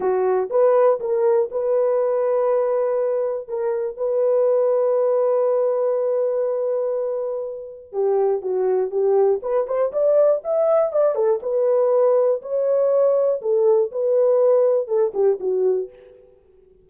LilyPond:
\new Staff \with { instrumentName = "horn" } { \time 4/4 \tempo 4 = 121 fis'4 b'4 ais'4 b'4~ | b'2. ais'4 | b'1~ | b'1 |
g'4 fis'4 g'4 b'8 c''8 | d''4 e''4 d''8 a'8 b'4~ | b'4 cis''2 a'4 | b'2 a'8 g'8 fis'4 | }